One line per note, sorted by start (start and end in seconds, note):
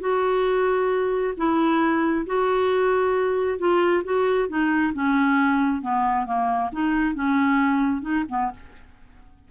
0.00 1.33 F#4
1.37 2.25 E4
2.26 3.58 F#4
3.58 4.03 F4
4.04 4.48 F#4
4.48 4.93 D#4
4.93 5.81 C#4
5.81 6.25 B3
6.25 6.70 A#3
6.72 7.14 D#4
7.14 8.01 C#4
8.01 8.24 D#4
8.28 8.51 B3